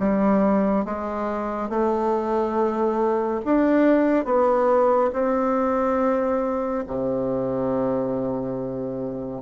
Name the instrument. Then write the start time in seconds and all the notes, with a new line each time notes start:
bassoon
0.00 G3
0.86 G#3
1.70 A3
3.46 D4
4.25 B3
5.14 C4
6.88 C3